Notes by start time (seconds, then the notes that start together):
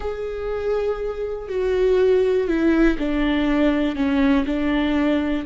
0.00 G#4
1.49 F#4
2.47 E4
2.98 D4
3.95 C#4
4.46 D4